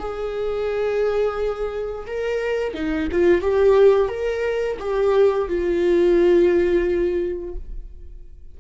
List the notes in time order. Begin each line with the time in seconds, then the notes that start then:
0.00 G#4
2.07 A#4
2.74 D#4
3.12 F4
3.42 G4
4.09 A#4
4.80 G4
5.49 F4